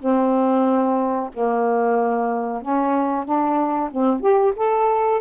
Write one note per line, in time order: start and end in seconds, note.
0.00 1.30 C4
1.34 2.62 A#3
2.62 3.25 C#4
3.25 3.90 D4
3.91 4.21 C4
4.21 4.53 G4
4.57 5.21 A4